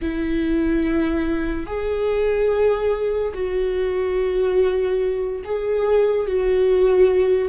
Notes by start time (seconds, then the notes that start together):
0.01 E4
1.66 G#4
3.34 F#4
5.44 G#4
6.27 F#4